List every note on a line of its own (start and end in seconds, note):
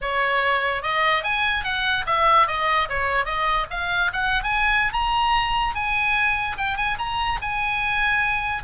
0.01 0.82 C#5
0.82 1.23 D#5
1.23 1.64 G#5
1.64 2.05 F#5
2.06 2.47 E5
2.47 2.88 D#5
2.89 3.25 C#5
3.25 3.66 D#5
3.70 4.11 F5
4.12 4.43 F#5
4.43 4.93 G#5
4.93 5.74 A#5
5.74 6.57 G#5
6.57 6.76 G5
6.76 6.97 G#5
6.98 7.39 A#5
7.41 8.63 G#5